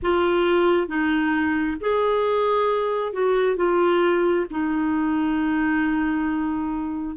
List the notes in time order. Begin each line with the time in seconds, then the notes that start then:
0.02 F4
0.87 D#4
1.80 G#4
3.13 F#4
3.56 F4
4.50 D#4